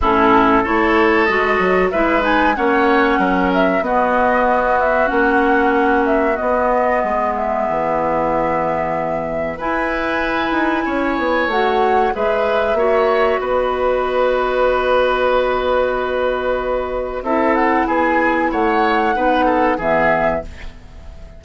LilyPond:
<<
  \new Staff \with { instrumentName = "flute" } { \time 4/4 \tempo 4 = 94 a'4 cis''4 dis''4 e''8 gis''8 | fis''4. e''8 dis''4. e''8 | fis''4. e''8 dis''4. e''8~ | e''2. gis''4~ |
gis''2 fis''4 e''4~ | e''4 dis''2.~ | dis''2. e''8 fis''8 | gis''4 fis''2 e''4 | }
  \new Staff \with { instrumentName = "oboe" } { \time 4/4 e'4 a'2 b'4 | cis''4 ais'4 fis'2~ | fis'2. gis'4~ | gis'2. b'4~ |
b'4 cis''2 b'4 | cis''4 b'2.~ | b'2. a'4 | gis'4 cis''4 b'8 a'8 gis'4 | }
  \new Staff \with { instrumentName = "clarinet" } { \time 4/4 cis'4 e'4 fis'4 e'8 dis'8 | cis'2 b2 | cis'2 b2~ | b2. e'4~ |
e'2 fis'4 gis'4 | fis'1~ | fis'2. e'4~ | e'2 dis'4 b4 | }
  \new Staff \with { instrumentName = "bassoon" } { \time 4/4 a,4 a4 gis8 fis8 gis4 | ais4 fis4 b2 | ais2 b4 gis4 | e2. e'4~ |
e'8 dis'8 cis'8 b8 a4 gis4 | ais4 b2.~ | b2. c'4 | b4 a4 b4 e4 | }
>>